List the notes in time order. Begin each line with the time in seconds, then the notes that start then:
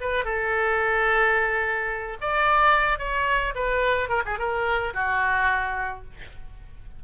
0.00 B4
0.24 A4
2.20 D5
2.98 C#5
3.55 B4
4.08 A#4
4.25 G#4
4.38 A#4
4.93 F#4